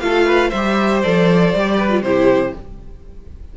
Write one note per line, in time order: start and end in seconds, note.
0.00 0.51 A3
0.00 0.53 F4
0.00 0.26 A4
0.00 0.51 F5
0.26 0.50 B4
0.50 1.04 G3
0.50 1.77 C5
0.50 1.01 E5
0.57 1.04 G4
1.03 1.54 F3
1.03 1.55 A4
1.03 2.03 D5
1.54 2.03 G3
1.54 1.91 G4
1.78 2.03 B4
1.91 2.03 F4
2.03 2.53 C3
2.03 2.56 E4
2.03 2.58 G4
2.03 2.54 C5